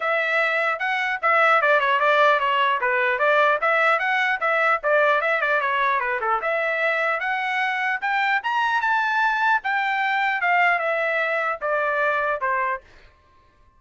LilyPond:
\new Staff \with { instrumentName = "trumpet" } { \time 4/4 \tempo 4 = 150 e''2 fis''4 e''4 | d''8 cis''8 d''4 cis''4 b'4 | d''4 e''4 fis''4 e''4 | d''4 e''8 d''8 cis''4 b'8 a'8 |
e''2 fis''2 | g''4 ais''4 a''2 | g''2 f''4 e''4~ | e''4 d''2 c''4 | }